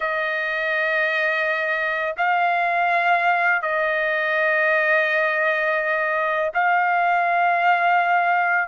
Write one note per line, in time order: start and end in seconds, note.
0.00 2.15 D#5
2.17 3.61 F5
3.62 6.51 D#5
6.54 8.68 F5